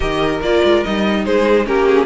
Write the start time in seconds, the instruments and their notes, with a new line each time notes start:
0.00 cello D#3, viola G4, violin A#4 D#5
0.41 cello A#3, viola F4, violin D5
0.63 cello G#3
0.83 cello G3, viola D#4, violin D#5
1.24 cello G#3, violin G#4 C5
1.64 cello A#3, viola C#4, violin G4 A#4
1.87 violin G#4